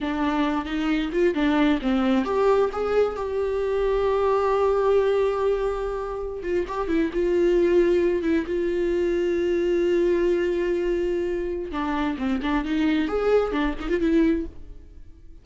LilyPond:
\new Staff \with { instrumentName = "viola" } { \time 4/4 \tempo 4 = 133 d'4. dis'4 f'8 d'4 | c'4 g'4 gis'4 g'4~ | g'1~ | g'2~ g'16 f'8 g'8 e'8 f'16~ |
f'2~ f'16 e'8 f'4~ f'16~ | f'1~ | f'2 d'4 c'8 d'8 | dis'4 gis'4 d'8 dis'16 f'16 e'4 | }